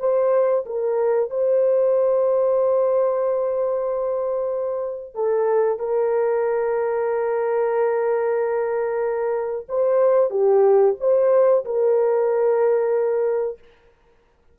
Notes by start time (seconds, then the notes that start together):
0.00 C5
0.66 A#4
1.30 C5
5.15 A4
5.79 A#4
9.69 C5
10.31 G4
11.01 C5
11.65 A#4